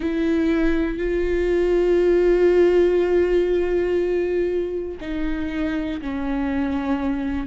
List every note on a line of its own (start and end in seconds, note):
0.00 0.97 E4
0.97 4.97 F4
5.00 6.00 D#4
6.00 7.47 C#4